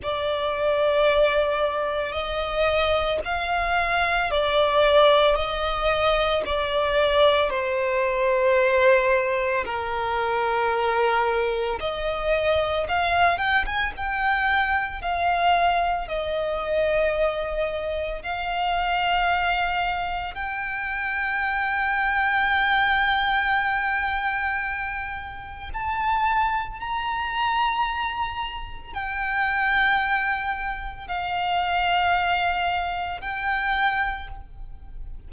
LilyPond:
\new Staff \with { instrumentName = "violin" } { \time 4/4 \tempo 4 = 56 d''2 dis''4 f''4 | d''4 dis''4 d''4 c''4~ | c''4 ais'2 dis''4 | f''8 g''16 gis''16 g''4 f''4 dis''4~ |
dis''4 f''2 g''4~ | g''1 | a''4 ais''2 g''4~ | g''4 f''2 g''4 | }